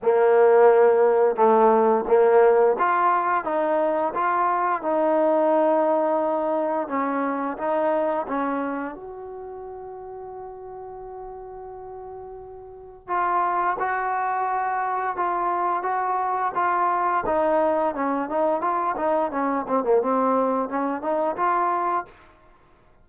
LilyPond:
\new Staff \with { instrumentName = "trombone" } { \time 4/4 \tempo 4 = 87 ais2 a4 ais4 | f'4 dis'4 f'4 dis'4~ | dis'2 cis'4 dis'4 | cis'4 fis'2.~ |
fis'2. f'4 | fis'2 f'4 fis'4 | f'4 dis'4 cis'8 dis'8 f'8 dis'8 | cis'8 c'16 ais16 c'4 cis'8 dis'8 f'4 | }